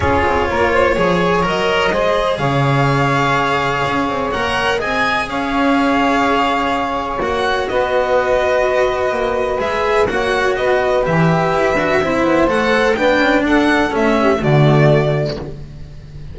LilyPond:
<<
  \new Staff \with { instrumentName = "violin" } { \time 4/4 \tempo 4 = 125 cis''2. dis''4~ | dis''4 f''2.~ | f''4 fis''4 gis''4 f''4~ | f''2. fis''4 |
dis''1 | e''4 fis''4 dis''4 e''4~ | e''2 fis''4 g''4 | fis''4 e''4 d''2 | }
  \new Staff \with { instrumentName = "saxophone" } { \time 4/4 gis'4 ais'8 c''8 cis''2 | c''4 cis''2.~ | cis''2 dis''4 cis''4~ | cis''1 |
b'1~ | b'4 cis''4 b'2~ | b'4 c''2 b'4 | a'4. g'8 fis'2 | }
  \new Staff \with { instrumentName = "cello" } { \time 4/4 f'2 gis'4 ais'4 | gis'1~ | gis'4 ais'4 gis'2~ | gis'2. fis'4~ |
fis'1 | gis'4 fis'2 g'4~ | g'8 fis'8 e'4 a'4 d'4~ | d'4 cis'4 a2 | }
  \new Staff \with { instrumentName = "double bass" } { \time 4/4 cis'8 c'8 ais4 f4 fis4 | gis4 cis2. | cis'8 c'8 ais4 c'4 cis'4~ | cis'2. ais4 |
b2. ais4 | gis4 ais4 b4 e4 | e'8 d'8 c'8 b8 a4 b8 cis'8 | d'4 a4 d2 | }
>>